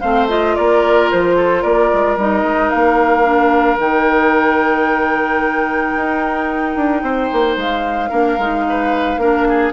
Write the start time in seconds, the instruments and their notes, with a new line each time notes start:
0.00 bassoon A3, clarinet C4, oboe C5, flute F5
0.29 clarinet F4, flute D#5
0.55 bassoon A#3, oboe A#4, flute D5
1.11 bassoon F3, flute C5
1.36 oboe A4
1.62 bassoon A#3, oboe A#4, flute D5
1.93 bassoon G#3
2.17 bassoon G3, clarinet D#4, flute D#5
2.43 bassoon G#3
2.70 bassoon A#3, flute F5
3.24 clarinet D4
3.78 bassoon D#3, clarinet D#4, flute G5
5.96 bassoon D#4
6.76 bassoon D4
7.02 bassoon C4, oboe C5
7.33 bassoon A#3
7.57 bassoon G#3, flute F5
8.10 bassoon A#3, clarinet D4, oboe A#4
8.38 bassoon G#3, clarinet D#4
8.69 oboe B4
9.17 bassoon A#3, clarinet D4, oboe A#4
9.48 oboe G#4